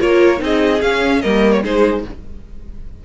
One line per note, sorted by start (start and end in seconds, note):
0.00 0.41 A#3
0.00 0.38 F4
0.00 0.41 A#4
0.00 0.42 C#5
0.38 0.81 C4
0.38 0.79 D#4
0.44 1.22 G#4
0.44 0.82 D#5
0.82 1.23 C#4
0.82 1.22 F5
1.22 1.64 G3
1.22 1.64 A#3
1.22 1.62 A#4
1.22 1.52 D#5
1.52 1.62 C#5
1.63 2.05 G#3
1.63 2.04 D#4
1.63 2.04 G#4
1.63 2.05 C5